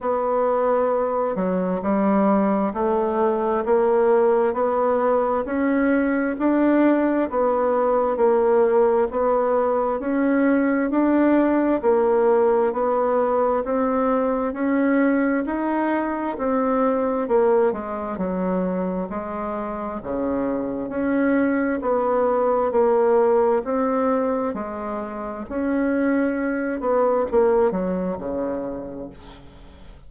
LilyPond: \new Staff \with { instrumentName = "bassoon" } { \time 4/4 \tempo 4 = 66 b4. fis8 g4 a4 | ais4 b4 cis'4 d'4 | b4 ais4 b4 cis'4 | d'4 ais4 b4 c'4 |
cis'4 dis'4 c'4 ais8 gis8 | fis4 gis4 cis4 cis'4 | b4 ais4 c'4 gis4 | cis'4. b8 ais8 fis8 cis4 | }